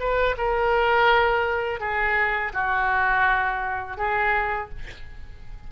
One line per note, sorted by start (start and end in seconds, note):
0.00 0.36 B4
0.38 1.80 A#4
1.80 2.53 G#4
2.53 3.97 F#4
3.97 4.70 G#4